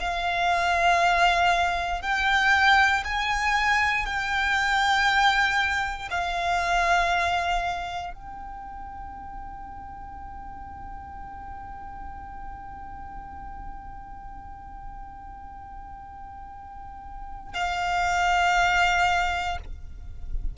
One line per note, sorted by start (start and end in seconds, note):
0.00 2.02 F5
2.02 3.04 G5
3.04 4.06 G#5
4.06 6.09 G5
6.11 8.14 F5
8.14 17.54 G5
17.54 19.58 F5